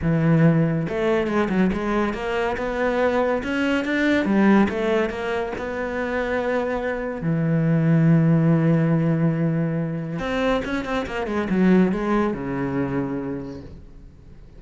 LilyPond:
\new Staff \with { instrumentName = "cello" } { \time 4/4 \tempo 4 = 141 e2 a4 gis8 fis8 | gis4 ais4 b2 | cis'4 d'4 g4 a4 | ais4 b2.~ |
b4 e2.~ | e1 | c'4 cis'8 c'8 ais8 gis8 fis4 | gis4 cis2. | }